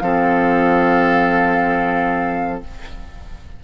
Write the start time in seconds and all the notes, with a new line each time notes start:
0.00 F3 C4 A4 F5